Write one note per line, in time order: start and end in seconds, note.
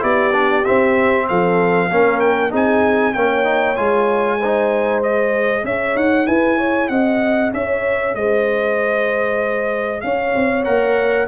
0.00 0.66 B3
0.00 0.31 E4
0.00 1.26 G4
0.00 0.64 D5
0.32 0.64 D4
0.64 1.90 C4
0.64 1.30 C4
0.64 1.27 E5
1.28 1.90 F3
1.28 1.88 A4
1.28 2.20 F5
1.88 2.52 A#3
1.88 2.50 C#4
1.88 2.50 A#4
2.20 2.51 G5
2.50 3.15 C4
2.50 3.13 D#4
2.50 3.13 G#4
2.50 3.13 G#5
3.13 3.78 A#3
3.13 3.44 C#4
3.13 4.38 C#5
3.13 3.76 G5
3.44 3.75 D#4
3.76 5.64 G#3
3.76 4.38 F4
3.76 5.01 G#5
4.38 5.04 D#4
4.38 5.63 C5
5.03 10.65 G#4
5.03 5.65 D#5
5.64 5.95 C#4
5.64 6.27 C#5
5.64 5.96 E5
5.95 6.26 D#4
5.95 6.27 F#5
6.27 6.89 E4
6.27 6.57 B4
6.27 6.88 G#5
6.57 6.89 C#5
6.88 7.52 C4
6.88 7.53 D#5
6.88 7.51 F#5
7.53 8.14 C#4
7.53 8.17 C#5
7.53 8.14 E5
8.14 10.02 G#3
8.14 10.05 C5
8.14 10.01 D#5
10.01 10.35 C#4
10.01 11.27 C#5
10.01 10.63 F5
10.35 10.66 C4
10.64 11.27 A#3
10.64 11.27 A#4
10.64 11.27 F#5